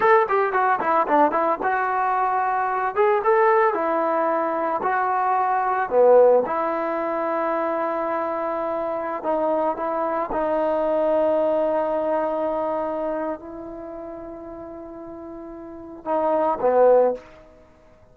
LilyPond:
\new Staff \with { instrumentName = "trombone" } { \time 4/4 \tempo 4 = 112 a'8 g'8 fis'8 e'8 d'8 e'8 fis'4~ | fis'4. gis'8 a'4 e'4~ | e'4 fis'2 b4 | e'1~ |
e'4~ e'16 dis'4 e'4 dis'8.~ | dis'1~ | dis'4 e'2.~ | e'2 dis'4 b4 | }